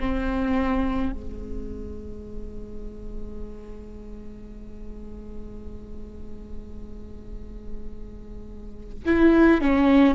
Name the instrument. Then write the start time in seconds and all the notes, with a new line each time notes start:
viola
0.00 C4
1.12 G#3
9.06 E4
9.61 C#4